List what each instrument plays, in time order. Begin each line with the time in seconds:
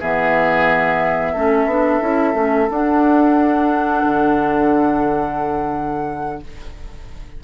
0.00 bassoon E3, clarinet B3, oboe G#4, flute E5
1.33 bassoon A3, clarinet C#4, oboe A4
1.66 bassoon B3, clarinet D4
2.02 bassoon C#4, clarinet E4
2.34 bassoon A3, clarinet C#4
2.71 bassoon D4, clarinet D4, flute F#5
4.04 bassoon D3